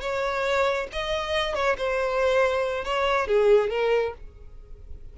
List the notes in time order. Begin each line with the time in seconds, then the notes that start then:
0.00 C#5
0.92 D#5
1.55 C#5
1.77 C5
2.84 C#5
3.27 G#4
3.70 A#4